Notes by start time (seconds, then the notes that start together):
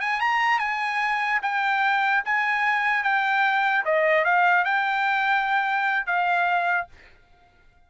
0.00 G#5
0.20 A#5
0.59 G#5
1.42 G5
2.25 G#5
3.03 G5
3.85 D#5
4.25 F5
4.64 G5
6.06 F5